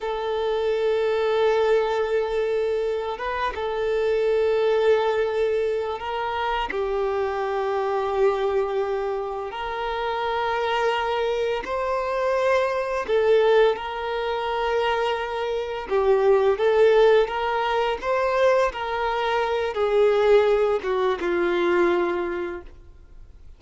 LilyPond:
\new Staff \with { instrumentName = "violin" } { \time 4/4 \tempo 4 = 85 a'1~ | a'8 b'8 a'2.~ | a'8 ais'4 g'2~ g'8~ | g'4. ais'2~ ais'8~ |
ais'8 c''2 a'4 ais'8~ | ais'2~ ais'8 g'4 a'8~ | a'8 ais'4 c''4 ais'4. | gis'4. fis'8 f'2 | }